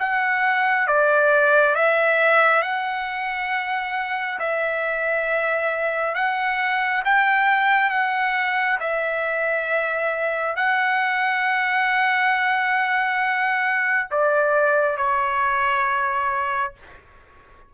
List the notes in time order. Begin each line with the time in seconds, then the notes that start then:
0.00 F#5
0.88 D5
1.76 E5
2.63 F#5
4.40 E5
6.15 F#5
7.05 G5
7.91 F#5
8.80 E5
10.56 F#5
14.11 D5
14.98 C#5